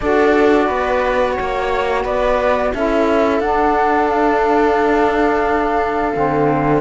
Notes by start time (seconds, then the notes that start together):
0.00 D4 F#4 A4 D5
0.66 B3 B4
1.32 C#5
1.40 A#3
2.03 B3 B4 D5
2.73 C#4 E4 A4 E5
3.39 D4 F#5
4.09 F5
6.13 D3 C4